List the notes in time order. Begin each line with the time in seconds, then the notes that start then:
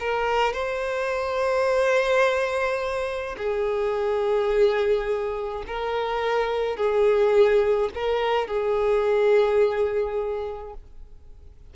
0.00 A#4
0.54 C5
3.38 G#4
5.67 A#4
6.77 G#4
7.95 A#4
8.48 G#4